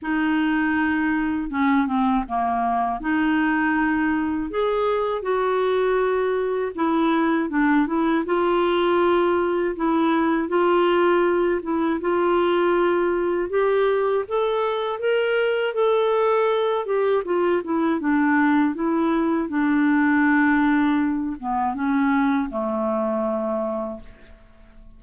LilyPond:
\new Staff \with { instrumentName = "clarinet" } { \time 4/4 \tempo 4 = 80 dis'2 cis'8 c'8 ais4 | dis'2 gis'4 fis'4~ | fis'4 e'4 d'8 e'8 f'4~ | f'4 e'4 f'4. e'8 |
f'2 g'4 a'4 | ais'4 a'4. g'8 f'8 e'8 | d'4 e'4 d'2~ | d'8 b8 cis'4 a2 | }